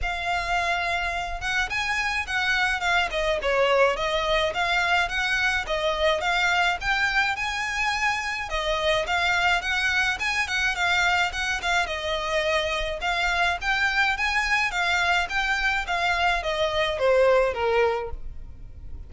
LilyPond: \new Staff \with { instrumentName = "violin" } { \time 4/4 \tempo 4 = 106 f''2~ f''8 fis''8 gis''4 | fis''4 f''8 dis''8 cis''4 dis''4 | f''4 fis''4 dis''4 f''4 | g''4 gis''2 dis''4 |
f''4 fis''4 gis''8 fis''8 f''4 | fis''8 f''8 dis''2 f''4 | g''4 gis''4 f''4 g''4 | f''4 dis''4 c''4 ais'4 | }